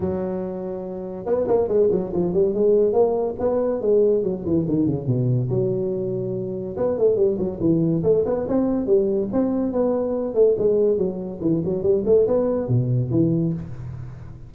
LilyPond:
\new Staff \with { instrumentName = "tuba" } { \time 4/4 \tempo 4 = 142 fis2. b8 ais8 | gis8 fis8 f8 g8 gis4 ais4 | b4 gis4 fis8 e8 dis8 cis8 | b,4 fis2. |
b8 a8 g8 fis8 e4 a8 b8 | c'4 g4 c'4 b4~ | b8 a8 gis4 fis4 e8 fis8 | g8 a8 b4 b,4 e4 | }